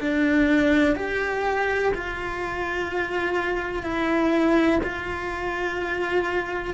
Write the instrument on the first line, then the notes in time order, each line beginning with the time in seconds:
cello
0.00 D4
0.95 G4
1.94 F4
3.83 E4
4.83 F4